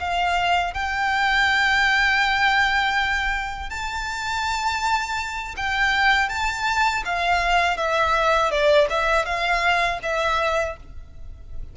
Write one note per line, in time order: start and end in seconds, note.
0.00 0.74 F5
0.74 3.70 G5
3.70 5.56 A5
5.57 6.30 G5
6.30 7.04 A5
7.05 7.77 F5
7.77 8.51 E5
8.51 8.88 D5
8.90 9.26 E5
9.26 10.00 F5
10.03 10.77 E5